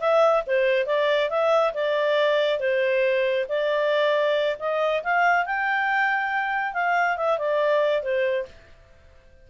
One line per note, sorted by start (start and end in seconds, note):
0.00 0.43 E5
0.47 0.86 C5
0.86 1.30 D5
1.30 1.73 E5
1.74 2.59 D5
2.59 3.46 C5
3.49 4.57 D5
4.59 5.03 D#5
5.03 5.46 F5
5.46 6.74 G5
6.74 7.17 F5
7.17 7.38 E5
7.38 8.03 D5
8.03 8.46 C5